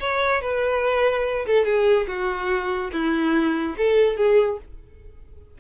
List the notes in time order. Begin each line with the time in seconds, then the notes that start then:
0.00 C#5
0.41 B4
1.46 A4
1.65 G#4
2.07 F#4
2.92 E4
3.77 A4
4.16 G#4